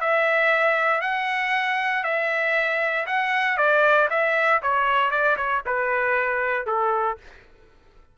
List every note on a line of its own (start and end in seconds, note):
0.00 1.01 E5
1.01 2.03 F#5
2.03 3.06 E5
3.06 3.57 F#5
3.57 4.08 D5
4.10 4.61 E5
4.62 5.11 C#5
5.11 5.36 D5
5.37 5.62 C#5
5.66 6.66 B4
6.66 7.17 A4